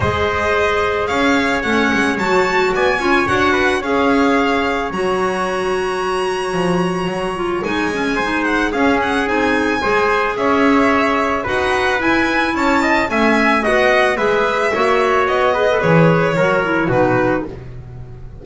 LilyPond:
<<
  \new Staff \with { instrumentName = "violin" } { \time 4/4 \tempo 4 = 110 dis''2 f''4 fis''4 | a''4 gis''4 fis''4 f''4~ | f''4 ais''2.~ | ais''2 gis''4. fis''8 |
f''8 fis''8 gis''2 e''4~ | e''4 fis''4 gis''4 a''4 | gis''4 fis''4 e''2 | dis''4 cis''2 b'4 | }
  \new Staff \with { instrumentName = "trumpet" } { \time 4/4 c''2 cis''2~ | cis''4 d''8 cis''4 b'8 cis''4~ | cis''1~ | cis''2. c''4 |
gis'2 c''4 cis''4~ | cis''4 b'2 cis''8 dis''8 | e''4 dis''4 b'4 cis''4~ | cis''8 b'4. ais'4 fis'4 | }
  \new Staff \with { instrumentName = "clarinet" } { \time 4/4 gis'2. cis'4 | fis'4. f'8 fis'4 gis'4~ | gis'4 fis'2.~ | fis'4. f'8 dis'8 cis'8 dis'4 |
cis'4 dis'4 gis'2~ | gis'4 fis'4 e'2 | cis'4 fis'4 gis'4 fis'4~ | fis'8 gis'16 a'16 gis'4 fis'8 e'8 dis'4 | }
  \new Staff \with { instrumentName = "double bass" } { \time 4/4 gis2 cis'4 a8 gis8 | fis4 b8 cis'8 d'4 cis'4~ | cis'4 fis2. | f4 fis4 gis2 |
cis'4 c'4 gis4 cis'4~ | cis'4 dis'4 e'4 cis'4 | a4 b4 gis4 ais4 | b4 e4 fis4 b,4 | }
>>